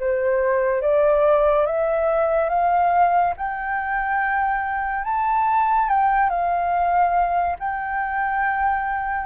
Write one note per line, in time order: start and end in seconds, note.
0.00 0.82 C5
0.82 1.66 D5
1.66 2.50 E5
2.50 3.34 F5
3.37 5.05 G5
5.05 5.89 A5
5.89 6.30 G5
6.30 7.57 F5
7.59 9.26 G5